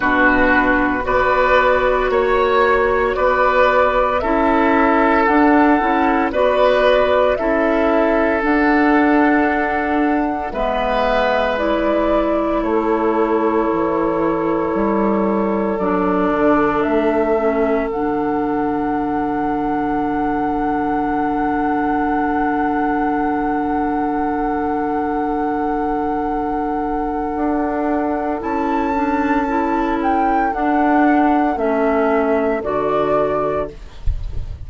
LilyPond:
<<
  \new Staff \with { instrumentName = "flute" } { \time 4/4 \tempo 4 = 57 b'4 d''4 cis''4 d''4 | e''4 fis''4 d''4 e''4 | fis''2 e''4 d''4 | cis''2. d''4 |
e''4 fis''2.~ | fis''1~ | fis''2. a''4~ | a''8 g''8 fis''4 e''4 d''4 | }
  \new Staff \with { instrumentName = "oboe" } { \time 4/4 fis'4 b'4 cis''4 b'4 | a'2 b'4 a'4~ | a'2 b'2 | a'1~ |
a'1~ | a'1~ | a'1~ | a'1 | }
  \new Staff \with { instrumentName = "clarinet" } { \time 4/4 d'4 fis'2. | e'4 d'8 e'8 fis'4 e'4 | d'2 b4 e'4~ | e'2. d'4~ |
d'8 cis'8 d'2.~ | d'1~ | d'2. e'8 d'8 | e'4 d'4 cis'4 fis'4 | }
  \new Staff \with { instrumentName = "bassoon" } { \time 4/4 b,4 b4 ais4 b4 | cis'4 d'8 cis'8 b4 cis'4 | d'2 gis2 | a4 e4 g4 fis8 d8 |
a4 d2.~ | d1~ | d2 d'4 cis'4~ | cis'4 d'4 a4 d4 | }
>>